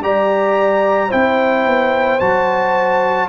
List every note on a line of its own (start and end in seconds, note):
0.00 1.09 G3
0.00 1.10 G4
0.00 1.09 D5
0.00 1.12 A#5
1.09 1.66 C4
1.09 2.19 E4
1.09 3.27 C5
1.09 2.20 G5
1.66 2.20 B3
2.20 3.29 F#3
2.20 3.29 F#4
2.20 3.29 A5